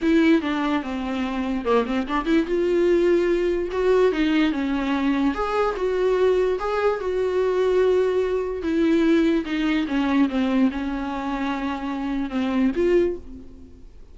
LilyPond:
\new Staff \with { instrumentName = "viola" } { \time 4/4 \tempo 4 = 146 e'4 d'4 c'2 | ais8 c'8 d'8 e'8 f'2~ | f'4 fis'4 dis'4 cis'4~ | cis'4 gis'4 fis'2 |
gis'4 fis'2.~ | fis'4 e'2 dis'4 | cis'4 c'4 cis'2~ | cis'2 c'4 f'4 | }